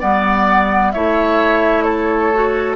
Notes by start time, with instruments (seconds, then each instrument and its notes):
0.00 bassoon G3, clarinet B3, oboe D5, flute F#5
0.92 bassoon A3, clarinet E4, oboe C#5, flute E5
1.83 oboe A4, flute C#5
2.33 clarinet F#4